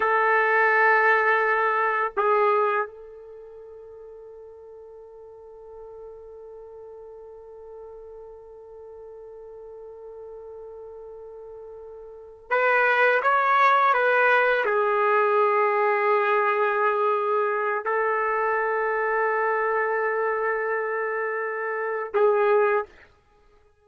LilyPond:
\new Staff \with { instrumentName = "trumpet" } { \time 4/4 \tempo 4 = 84 a'2. gis'4 | a'1~ | a'1~ | a'1~ |
a'4. b'4 cis''4 b'8~ | b'8 gis'2.~ gis'8~ | gis'4 a'2.~ | a'2. gis'4 | }